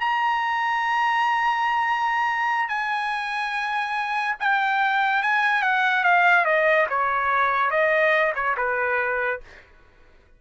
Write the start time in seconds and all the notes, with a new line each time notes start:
0.00 A#5
2.69 G#5
4.40 G5
5.23 G#5
5.62 F#5
6.04 F5
6.45 D#5
6.89 C#5
7.70 D#5
8.35 C#5
8.57 B4